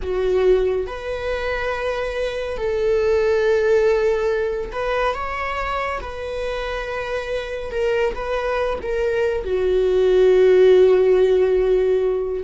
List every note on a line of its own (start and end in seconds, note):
0.02 0.86 F#4
0.86 2.57 B4
2.57 4.71 A4
4.72 5.14 B4
5.14 6.00 C#5
6.00 7.71 B4
7.71 8.14 A#4
8.14 8.78 B4
8.81 9.44 A#4
9.44 12.43 F#4